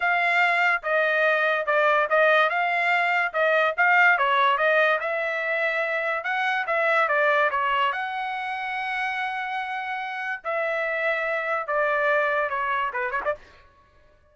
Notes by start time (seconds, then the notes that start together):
0.00 F5
0.83 D#5
1.66 D5
2.09 D#5
2.49 F5
3.33 D#5
3.77 F5
4.18 C#5
4.57 D#5
5.00 E5
6.23 F#5
6.66 E5
7.08 D5
7.50 C#5
7.92 F#5
10.44 E5
11.67 D5
12.49 C#5
12.93 B4
13.10 C#5
13.24 D5